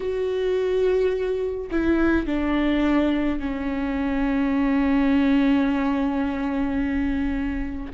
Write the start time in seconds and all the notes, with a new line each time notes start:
0.00 F#4
1.71 E4
2.26 D4
3.39 C#4